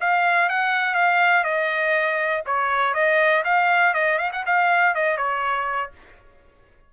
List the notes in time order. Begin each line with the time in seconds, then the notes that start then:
0.00 F5
0.49 F#5
0.94 F5
1.44 D#5
2.46 C#5
2.93 D#5
3.44 F5
3.94 D#5
4.18 F5
4.32 F#5
4.46 F5
4.95 D#5
5.17 C#5